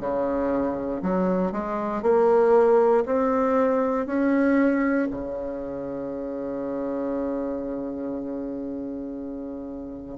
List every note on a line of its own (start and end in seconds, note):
0.00 1.02 C#3
1.02 1.52 F#3
1.52 2.02 G#3
2.02 3.04 A#3
3.06 4.06 C4
4.06 5.08 C#4
5.11 10.18 C#3